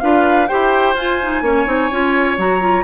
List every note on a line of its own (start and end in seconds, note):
0.00 0.49 D4
0.00 0.48 F4
0.00 0.48 B4
0.00 0.47 F5
0.47 0.94 E4
0.47 0.95 G4
0.47 1.42 C5
0.47 0.94 G5
0.94 1.41 F4
0.94 1.20 F4
0.94 2.38 G#5
1.21 1.43 D#4
1.41 1.65 A#3
1.41 1.66 C#4
1.41 2.84 C#5
1.66 1.90 C4
1.66 1.89 D#4
1.91 2.37 C#4
1.91 2.38 F4
2.37 2.84 F#3
2.37 2.60 F#4
2.37 2.84 A#5
2.60 2.84 F4